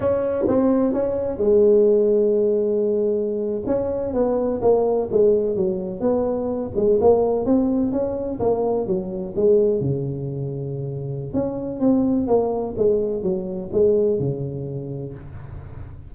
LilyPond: \new Staff \with { instrumentName = "tuba" } { \time 4/4 \tempo 4 = 127 cis'4 c'4 cis'4 gis4~ | gis2.~ gis8. cis'16~ | cis'8. b4 ais4 gis4 fis16~ | fis8. b4. gis8 ais4 c'16~ |
c'8. cis'4 ais4 fis4 gis16~ | gis8. cis2.~ cis16 | cis'4 c'4 ais4 gis4 | fis4 gis4 cis2 | }